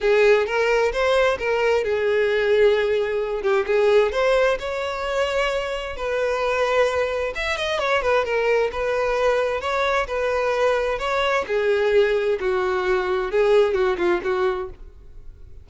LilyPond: \new Staff \with { instrumentName = "violin" } { \time 4/4 \tempo 4 = 131 gis'4 ais'4 c''4 ais'4 | gis'2.~ gis'8 g'8 | gis'4 c''4 cis''2~ | cis''4 b'2. |
e''8 dis''8 cis''8 b'8 ais'4 b'4~ | b'4 cis''4 b'2 | cis''4 gis'2 fis'4~ | fis'4 gis'4 fis'8 f'8 fis'4 | }